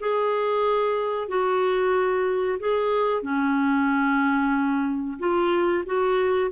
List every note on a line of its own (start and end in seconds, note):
0.00 1.28 G#4
1.28 2.58 F#4
2.59 3.22 G#4
3.22 5.18 C#4
5.19 5.84 F4
5.86 6.51 F#4